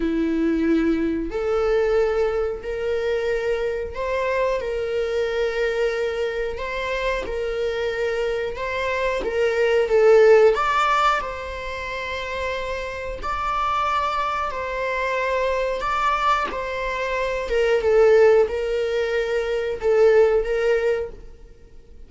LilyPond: \new Staff \with { instrumentName = "viola" } { \time 4/4 \tempo 4 = 91 e'2 a'2 | ais'2 c''4 ais'4~ | ais'2 c''4 ais'4~ | ais'4 c''4 ais'4 a'4 |
d''4 c''2. | d''2 c''2 | d''4 c''4. ais'8 a'4 | ais'2 a'4 ais'4 | }